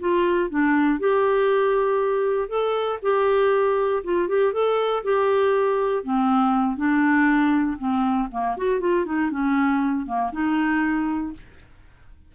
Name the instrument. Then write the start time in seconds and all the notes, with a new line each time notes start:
clarinet
0.00 F4
0.50 D4
0.99 G4
2.49 A4
3.02 G4
4.04 F4
4.28 G4
4.53 A4
5.04 G4
6.04 C4
6.77 D4
7.79 C4
8.32 A#3
8.57 F#4
8.80 F4
9.06 D#4
9.31 C#4
10.07 A#3
10.32 D#4